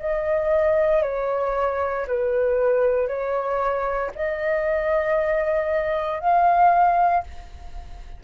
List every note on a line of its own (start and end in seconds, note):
0.00 1.03 D#5
1.03 2.06 C#5
2.07 3.08 B4
3.08 4.11 C#5
4.16 6.21 D#5
6.21 7.24 F5